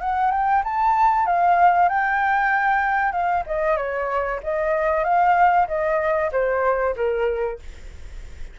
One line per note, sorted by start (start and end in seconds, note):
0.00 0.31 F#5
0.31 0.62 G5
0.64 1.26 A5
1.26 1.88 F5
1.88 3.12 G5
3.12 3.43 F5
3.46 3.76 D#5
3.76 4.40 C#5
4.43 5.04 D#5
5.04 5.67 F5
5.67 6.30 D#5
6.32 6.95 C5
6.95 7.59 A#4